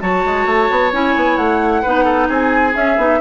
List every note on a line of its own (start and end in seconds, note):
0.00 0.25 F#3
0.00 0.91 F#4
0.00 1.82 C#5
0.00 0.92 A5
0.25 0.46 G#3
0.46 0.68 A3
0.70 0.93 B3
0.93 1.15 C#4
0.93 1.84 E4
0.93 1.36 G#5
1.16 1.37 B3
1.36 1.83 A3
1.36 2.27 F#5
1.82 2.29 B3
1.82 2.73 D#4
1.82 2.04 B4
2.04 2.27 A4
2.28 2.74 C4
2.28 3.19 G#4
2.28 2.75 G#5
2.73 2.95 C#4
2.73 2.97 C#4
2.73 3.21 E5
2.97 3.20 B3
2.97 3.21 D#4